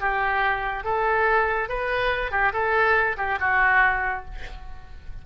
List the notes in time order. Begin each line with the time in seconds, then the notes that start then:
0.00 G4
0.84 A4
1.69 B4
2.31 G4
2.53 A4
3.17 G4
3.39 F#4